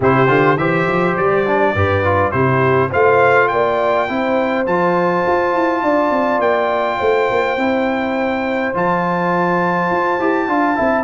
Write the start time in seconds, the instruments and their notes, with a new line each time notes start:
0.00 tuba C3, trombone E4, horn G4, trumpet C5
0.27 tuba D3, trombone F4
0.56 tuba E3, trombone G4, horn C5, trumpet E5
0.86 tuba F3
1.16 tuba G3, trumpet D5
1.46 trombone D4
1.74 tuba G2, trombone G4, horn B4
2.04 trombone F4
2.31 tuba C3, trombone E4, horn G4, trumpet C5
2.88 tuba A3, trombone F4, horn C5, trumpet F5
3.48 tuba A#3, horn D5, trumpet G5
4.07 tuba C4, trombone E4, horn C5
4.66 tuba F3, trombone F4, trumpet A5
5.26 tuba F4
5.53 tuba E4
5.82 tuba D4, horn D5
6.10 tuba C4
6.39 tuba A#3, trumpet G5
6.98 tuba A3, horn C5
7.30 tuba A#3
7.56 tuba C4, trombone E4
8.74 tuba F3, trombone F4, trumpet A5
9.91 tuba F4
10.19 tuba E4, trombone G4
10.48 tuba D4, trombone F4, horn F5
10.75 tuba C4, trombone E4, horn E5